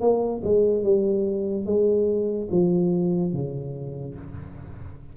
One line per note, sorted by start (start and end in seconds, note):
0.00 0.41 A#3
0.43 0.83 G#3
0.83 1.66 G3
1.66 2.48 G#3
2.51 3.33 F3
3.33 4.15 C#3